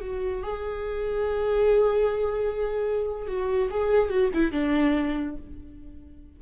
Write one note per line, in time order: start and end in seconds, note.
0.00 0.42 F#4
0.42 3.27 G#4
3.27 3.69 F#4
3.70 4.09 G#4
4.09 4.30 F#4
4.33 4.51 E4
4.51 5.36 D4